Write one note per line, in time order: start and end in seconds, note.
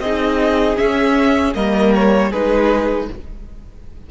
0.00 0.77 C4
0.00 0.76 D#4
0.00 1.56 G#4
0.00 0.77 D#5
0.76 1.53 C#4
0.76 1.55 C#4
0.76 1.54 E5
1.54 2.32 G3
1.54 2.32 A#3
1.54 2.30 A#4
1.54 1.93 D#5
1.95 2.32 C#5
2.30 3.09 G#3
2.30 3.11 D#4
2.30 3.07 G#4
2.30 3.09 B4